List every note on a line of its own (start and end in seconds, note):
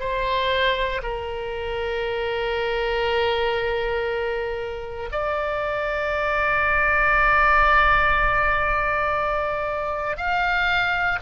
0.00 1.02 C5
1.03 5.10 A#4
5.12 10.17 D5
10.17 11.19 F5